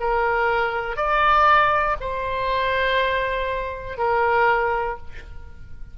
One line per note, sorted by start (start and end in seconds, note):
0.00 0.96 A#4
0.96 1.96 D5
2.01 3.98 C5
3.98 4.98 A#4